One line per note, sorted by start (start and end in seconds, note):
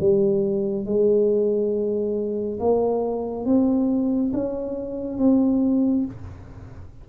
0.00 0.86 G3
0.86 2.60 G#3
2.60 3.45 A#3
3.45 4.32 C4
4.34 5.19 C#4
5.19 6.06 C4